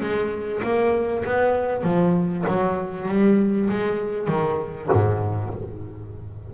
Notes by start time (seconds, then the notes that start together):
0.00 G#3
0.63 A#3
1.25 B3
1.83 F3
2.48 F#3
3.08 G3
3.70 G#3
4.28 D#3
4.92 G#2